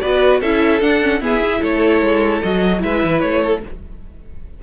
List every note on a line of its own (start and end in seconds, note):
0.00 0.41 B3
0.00 0.42 F#4
0.00 0.40 B4
0.00 0.40 D5
0.40 0.81 C#4
0.40 0.81 E4
0.40 1.20 A4
0.40 0.82 E5
0.81 1.01 D4
0.81 1.20 D4
0.81 1.22 F#5
1.01 1.21 C#4
1.20 1.41 B3
1.20 1.60 E4
1.20 1.61 G#4
1.20 1.63 E5
1.43 2.43 E4
1.61 2.01 A3
1.61 2.81 A4
1.61 2.42 C#5
2.01 2.41 G#3
2.42 2.83 F#3
2.42 2.79 F#4
2.42 2.82 D#5
2.79 3.03 G#3
2.79 3.59 E4
2.79 3.42 B4
2.79 3.20 E5
3.04 3.23 E3
3.20 3.63 A3
3.20 3.60 C#5
3.42 3.62 A4